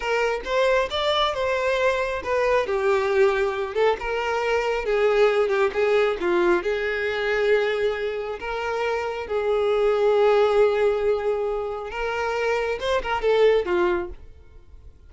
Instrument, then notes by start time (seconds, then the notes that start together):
violin
0.00 A#4
0.44 C5
0.90 D5
1.34 C5
2.23 B4
2.66 G4
3.74 A4
3.99 A#4
4.85 G#4
5.48 G4
5.73 G#4
6.20 F4
6.63 G#4
8.39 A#4
9.27 G#4
11.90 A#4
12.80 C5
13.02 A#4
13.21 A4
13.65 F4